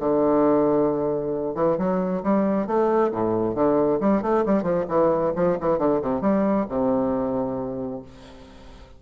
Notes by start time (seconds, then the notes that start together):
0.00 D3
1.55 E3
1.78 F#3
2.23 G3
2.67 A3
3.12 A2
3.55 D3
4.01 G3
4.22 A3
4.46 G3
4.63 F3
4.89 E3
5.36 F3
5.61 E3
5.79 D3
6.02 C3
6.22 G3
6.69 C3